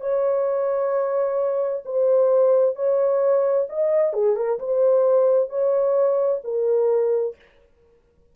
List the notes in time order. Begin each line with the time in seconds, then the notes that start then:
0.00 C#5
1.85 C5
2.75 C#5
3.69 D#5
4.13 G#4
4.36 A#4
4.59 C5
5.49 C#5
6.44 A#4